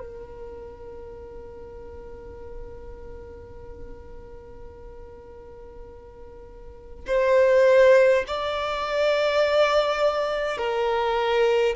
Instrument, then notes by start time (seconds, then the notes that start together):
violin
0.00 A#4
7.07 C5
8.27 D5
10.58 A#4